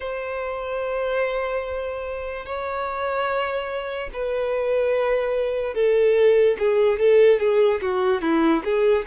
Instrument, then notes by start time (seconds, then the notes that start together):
violin
0.00 C5
2.45 C#5
4.13 B4
5.74 A4
6.58 G#4
6.99 A4
7.39 G#4
7.81 F#4
8.21 E4
8.64 G#4